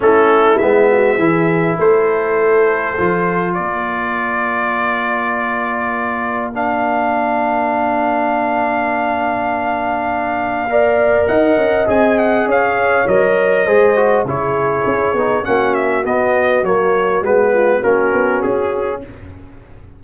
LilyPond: <<
  \new Staff \with { instrumentName = "trumpet" } { \time 4/4 \tempo 4 = 101 a'4 e''2 c''4~ | c''2 d''2~ | d''2. f''4~ | f''1~ |
f''2. fis''4 | gis''8 fis''8 f''4 dis''2 | cis''2 fis''8 e''8 dis''4 | cis''4 b'4 ais'4 gis'4 | }
  \new Staff \with { instrumentName = "horn" } { \time 4/4 e'4. fis'8 gis'4 a'4~ | a'2 ais'2~ | ais'1~ | ais'1~ |
ais'2 d''4 dis''4~ | dis''4 cis''2 c''4 | gis'2 fis'2~ | fis'4. f'8 fis'2 | }
  \new Staff \with { instrumentName = "trombone" } { \time 4/4 cis'4 b4 e'2~ | e'4 f'2.~ | f'2. d'4~ | d'1~ |
d'2 ais'2 | gis'2 ais'4 gis'8 fis'8 | e'4. dis'8 cis'4 b4 | ais4 b4 cis'2 | }
  \new Staff \with { instrumentName = "tuba" } { \time 4/4 a4 gis4 e4 a4~ | a4 f4 ais2~ | ais1~ | ais1~ |
ais2. dis'8 cis'8 | c'4 cis'4 fis4 gis4 | cis4 cis'8 b8 ais4 b4 | fis4 gis4 ais8 b8 cis'4 | }
>>